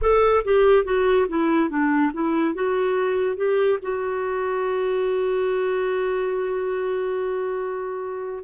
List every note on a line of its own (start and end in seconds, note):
0.01 0.43 A4
0.44 0.84 G4
0.84 1.26 F#4
1.28 1.69 E4
1.69 2.11 D4
2.13 2.54 E4
2.54 3.36 F#4
3.36 3.78 G4
3.81 8.44 F#4